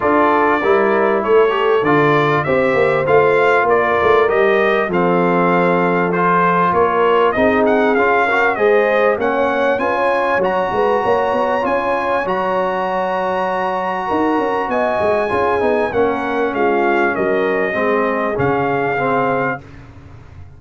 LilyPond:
<<
  \new Staff \with { instrumentName = "trumpet" } { \time 4/4 \tempo 4 = 98 d''2 cis''4 d''4 | e''4 f''4 d''4 dis''4 | f''2 c''4 cis''4 | dis''8 fis''8 f''4 dis''4 fis''4 |
gis''4 ais''2 gis''4 | ais''1 | gis''2 fis''4 f''4 | dis''2 f''2 | }
  \new Staff \with { instrumentName = "horn" } { \time 4/4 a'4 ais'4 a'2 | c''2 ais'2 | a'2. ais'4 | gis'4. ais'8 c''4 cis''4 |
b'16 cis''4~ cis''16 b'8 cis''2~ | cis''2. ais'4 | dis''4 gis'4 ais'4 f'4 | ais'4 gis'2. | }
  \new Staff \with { instrumentName = "trombone" } { \time 4/4 f'4 e'4. g'8 f'4 | g'4 f'2 g'4 | c'2 f'2 | dis'4 f'8 fis'8 gis'4 cis'4 |
f'4 fis'2 f'4 | fis'1~ | fis'4 f'8 dis'8 cis'2~ | cis'4 c'4 cis'4 c'4 | }
  \new Staff \with { instrumentName = "tuba" } { \time 4/4 d'4 g4 a4 d4 | c'8 ais8 a4 ais8 a8 g4 | f2. ais4 | c'4 cis'4 gis4 ais4 |
cis'4 fis8 gis8 ais8 b8 cis'4 | fis2. dis'8 cis'8 | b8 gis8 cis'8 b8 ais4 gis4 | fis4 gis4 cis2 | }
>>